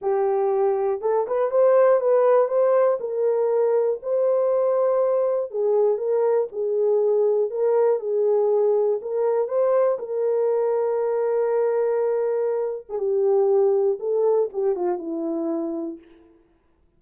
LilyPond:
\new Staff \with { instrumentName = "horn" } { \time 4/4 \tempo 4 = 120 g'2 a'8 b'8 c''4 | b'4 c''4 ais'2 | c''2. gis'4 | ais'4 gis'2 ais'4 |
gis'2 ais'4 c''4 | ais'1~ | ais'4.~ ais'16 gis'16 g'2 | a'4 g'8 f'8 e'2 | }